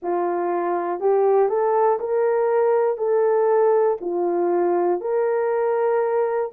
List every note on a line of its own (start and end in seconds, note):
0.02 1.00 F4
1.00 1.48 G4
1.48 1.98 A4
2.00 2.97 A#4
2.97 3.97 A4
4.00 5.00 F4
5.00 6.50 A#4